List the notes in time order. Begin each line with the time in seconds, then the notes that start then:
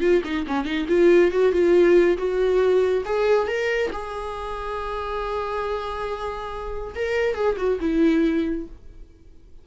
0.00 F4
0.24 D#4
0.47 C#4
0.65 D#4
0.88 F4
1.31 F#4
1.52 F4
2.17 F#4
3.05 G#4
3.47 A#4
3.92 G#4
6.95 A#4
7.35 G#4
7.57 F#4
7.80 E4